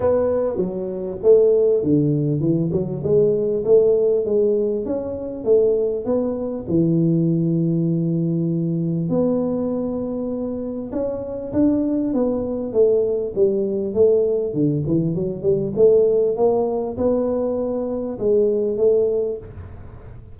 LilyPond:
\new Staff \with { instrumentName = "tuba" } { \time 4/4 \tempo 4 = 99 b4 fis4 a4 d4 | e8 fis8 gis4 a4 gis4 | cis'4 a4 b4 e4~ | e2. b4~ |
b2 cis'4 d'4 | b4 a4 g4 a4 | d8 e8 fis8 g8 a4 ais4 | b2 gis4 a4 | }